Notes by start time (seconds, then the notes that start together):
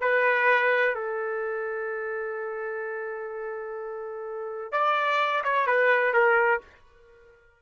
0.00 B4
0.94 A4
4.71 D5
5.44 C#5
5.66 B4
6.13 A#4